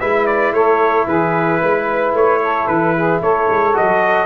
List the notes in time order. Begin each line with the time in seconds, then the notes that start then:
0.00 G#3 E4 B4 E5
0.27 D5
0.53 A3 A4 C#5
1.07 E3 G#4 B4
1.61 G#3 B4
2.13 A3 C#5
2.43 A4
2.68 E3 B4
2.96 G#4
3.22 A3 A4 C#5
3.50 G#3
3.74 F#3 F#4 D#5